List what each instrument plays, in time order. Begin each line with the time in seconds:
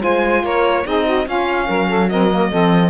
0.00 cello G#3, saxophone F4 C5, violin G#5
0.43 cello A#3, saxophone A#4, violin C#5
0.85 cello C4, saxophone D#4 G#4, violin D#5
1.05 saxophone F#4
1.26 saxophone C#4 F4, cello C#4, violin F5
1.67 cello F#3, saxophone A#4
1.89 saxophone A4
2.10 saxophone C4 A#4, violin D#5
2.31 saxophone A#3
2.50 cello F3, saxophone C4 A4